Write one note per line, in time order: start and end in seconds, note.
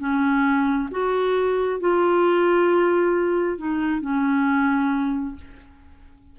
0.00 0.90 C#4
0.91 1.80 F#4
1.80 3.58 F4
3.58 4.01 D#4
4.01 5.35 C#4